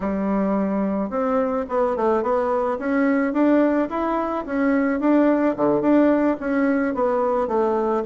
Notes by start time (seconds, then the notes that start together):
0.00 G3
1.10 C4
1.68 B3
1.96 A3
2.22 B3
2.78 C#4
3.33 D4
3.89 E4
4.45 C#4
5.00 D4
5.56 D3
5.81 D4
6.39 C#4
6.94 B3
7.47 A3